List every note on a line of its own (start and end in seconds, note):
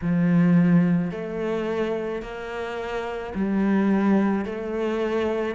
0.01 1.11 F3
1.11 2.22 A3
2.22 3.33 A#3
3.34 4.45 G3
4.45 5.55 A3